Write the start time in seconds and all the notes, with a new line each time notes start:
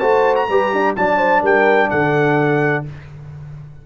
0.00 A3 F#4 C5 A5
0.36 A#5
0.49 G3 G4 B4
0.74 D4
0.96 F#3 D4 D5 A5
1.18 C5
1.42 G3 A#4 G5
1.90 D3 A4 F#5